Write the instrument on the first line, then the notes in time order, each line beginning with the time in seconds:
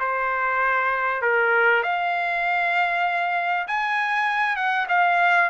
trumpet
0.00 C5
1.22 A#4
1.83 F5
3.68 G#5
4.56 F#5
4.89 F5